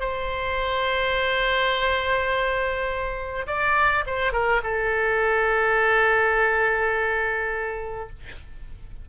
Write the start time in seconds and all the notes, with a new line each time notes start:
0.00 C5
3.47 D5
4.06 C5
4.32 A#4
4.63 A4